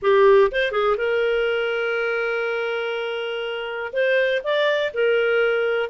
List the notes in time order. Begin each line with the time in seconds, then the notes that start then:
0.01 G4
0.51 C5
0.71 G#4
0.97 A#4
3.92 C5
4.43 D5
4.93 A#4